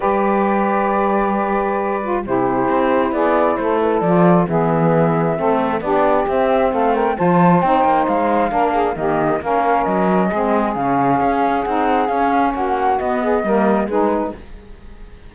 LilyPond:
<<
  \new Staff \with { instrumentName = "flute" } { \time 4/4 \tempo 4 = 134 d''1~ | d''4 c''2 d''4 | c''8 b'8 d''4 e''2~ | e''4 d''4 e''4 f''8 g''8 |
a''4 g''4 f''2 | dis''4 f''4 dis''2 | f''2 fis''4 f''4 | fis''4 dis''2 b'4 | }
  \new Staff \with { instrumentName = "saxophone" } { \time 4/4 b'1~ | b'4 g'2 gis'4 | a'2 gis'2 | a'4 g'2 a'8 ais'8 |
c''2. ais'8 gis'8 | g'4 ais'2 gis'4~ | gis'1 | fis'4. gis'8 ais'4 gis'4 | }
  \new Staff \with { instrumentName = "saxophone" } { \time 4/4 g'1~ | g'8 f'8 e'2.~ | e'4 f'4 b2 | c'4 d'4 c'2 |
f'4 dis'2 d'4 | ais4 cis'2 c'4 | cis'2 dis'4 cis'4~ | cis'4 b4 ais4 dis'4 | }
  \new Staff \with { instrumentName = "cello" } { \time 4/4 g1~ | g4 c4 c'4 b4 | a4 f4 e2 | a4 b4 c'4 a4 |
f4 c'8 ais8 gis4 ais4 | dis4 ais4 fis4 gis4 | cis4 cis'4 c'4 cis'4 | ais4 b4 g4 gis4 | }
>>